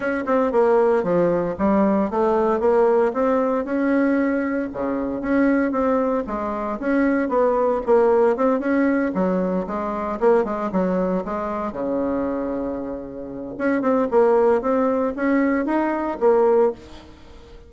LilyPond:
\new Staff \with { instrumentName = "bassoon" } { \time 4/4 \tempo 4 = 115 cis'8 c'8 ais4 f4 g4 | a4 ais4 c'4 cis'4~ | cis'4 cis4 cis'4 c'4 | gis4 cis'4 b4 ais4 |
c'8 cis'4 fis4 gis4 ais8 | gis8 fis4 gis4 cis4.~ | cis2 cis'8 c'8 ais4 | c'4 cis'4 dis'4 ais4 | }